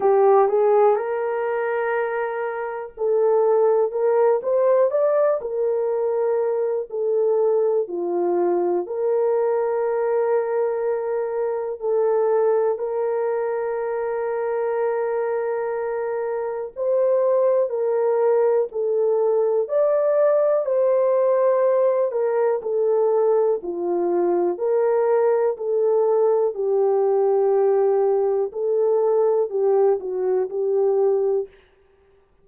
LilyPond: \new Staff \with { instrumentName = "horn" } { \time 4/4 \tempo 4 = 61 g'8 gis'8 ais'2 a'4 | ais'8 c''8 d''8 ais'4. a'4 | f'4 ais'2. | a'4 ais'2.~ |
ais'4 c''4 ais'4 a'4 | d''4 c''4. ais'8 a'4 | f'4 ais'4 a'4 g'4~ | g'4 a'4 g'8 fis'8 g'4 | }